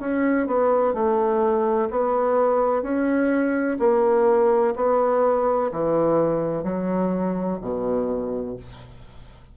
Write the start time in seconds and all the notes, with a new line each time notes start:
0.00 C#4
0.47 B3
0.94 A3
1.90 B3
2.83 C#4
3.79 A#3
4.76 B3
5.72 E3
6.64 F#3
7.61 B2